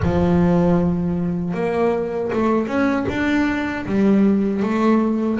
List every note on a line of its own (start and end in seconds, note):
0.02 1.54 F3
1.54 2.31 A#3
2.32 2.67 A3
2.67 3.05 C#4
3.08 3.85 D4
3.85 4.62 G3
4.62 5.39 A3